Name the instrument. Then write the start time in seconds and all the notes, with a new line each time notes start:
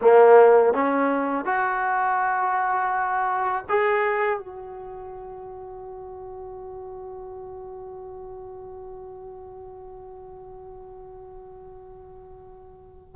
trombone
0.01 A#3
0.73 C#4
1.45 F#4
3.69 G#4
4.38 F#4